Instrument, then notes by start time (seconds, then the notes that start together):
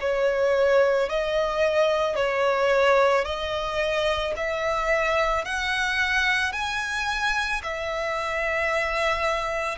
violin
0.00 C#5
1.09 D#5
2.15 C#5
3.24 D#5
4.36 E5
5.44 F#5
6.52 G#5
7.63 E5